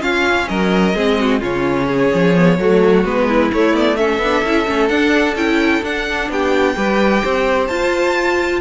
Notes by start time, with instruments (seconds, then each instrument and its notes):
0.00 viola C#4, cello C#4, violin F4 F5
0.48 cello F#3, violin A#4 D#5
0.95 cello G#3, viola C4, violin G#4
1.19 violin F#4
1.40 cello C#3, viola C#4, violin F4 C#5
1.87 violin G#4
2.13 cello F3
2.35 viola B3
2.58 cello F#3, viola A3, violin F#4
3.04 cello G#3, viola B3, violin B4
3.28 violin E4
3.53 cello A3, viola A3, violin C#5
3.72 viola B3, violin D5
3.96 viola C#4, violin A4 E5
4.18 cello B3, viola D4
4.43 cello C#4, viola E4
4.66 cello A3, viola C#4
4.88 viola D4, cello D4, violin F#5
5.35 cello C#4, viola E4, violin G5
5.82 cello D4, viola D4, violin F#5
6.29 cello B3, violin G4 G5
6.76 cello G3, viola G4, violin B4
7.22 cello C4, violin C5
7.67 cello F4, viola F4, violin A5